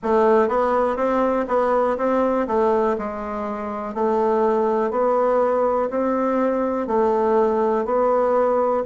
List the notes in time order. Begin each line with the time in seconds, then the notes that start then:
0.02 A3
0.48 B3
0.96 C4
1.48 B3
1.97 C4
2.47 A3
2.98 G#3
3.94 A3
4.90 B3
5.90 C4
6.87 A3
7.85 B3